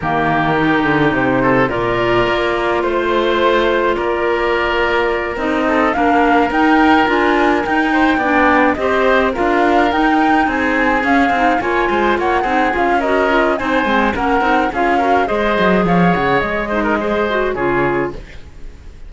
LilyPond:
<<
  \new Staff \with { instrumentName = "flute" } { \time 4/4 \tempo 4 = 106 ais'2 c''4 d''4~ | d''4 c''2 d''4~ | d''4. dis''4 f''4 g''8~ | g''8 gis''4 g''2 dis''8~ |
dis''8 f''4 g''4 gis''4 f''8~ | f''8 gis''4 fis''4 f''8 dis''4 | gis''4 fis''4 f''4 dis''4 | f''8 fis''8 dis''2 cis''4 | }
  \new Staff \with { instrumentName = "oboe" } { \time 4/4 g'2~ g'8 a'8 ais'4~ | ais'4 c''2 ais'4~ | ais'2 a'8 ais'4.~ | ais'2 c''8 d''4 c''8~ |
c''8 ais'2 gis'4.~ | gis'8 cis''8 c''8 cis''8 gis'4 ais'4 | c''4 ais'4 gis'8 ais'8 c''4 | cis''4. c''16 ais'16 c''4 gis'4 | }
  \new Staff \with { instrumentName = "clarinet" } { \time 4/4 ais4 dis'2 f'4~ | f'1~ | f'4. dis'4 d'4 dis'8~ | dis'8 f'4 dis'4 d'4 g'8~ |
g'8 f'4 dis'2 cis'8 | dis'8 f'4. dis'8 f'8 fis'8 f'8 | dis'8 c'8 cis'8 dis'8 f'8 fis'8 gis'4~ | gis'4. dis'8 gis'8 fis'8 f'4 | }
  \new Staff \with { instrumentName = "cello" } { \time 4/4 dis4. d8 c4 ais,4 | ais4 a2 ais4~ | ais4. c'4 ais4 dis'8~ | dis'8 d'4 dis'4 b4 c'8~ |
c'8 d'4 dis'4 c'4 cis'8 | c'8 ais8 gis8 ais8 c'8 cis'4. | c'8 gis8 ais8 c'8 cis'4 gis8 fis8 | f8 cis8 gis2 cis4 | }
>>